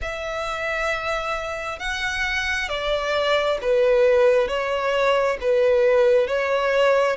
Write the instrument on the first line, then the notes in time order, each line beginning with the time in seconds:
violin
0.01 E5
1.79 F#5
2.68 D5
3.61 B4
4.48 C#5
5.40 B4
6.27 C#5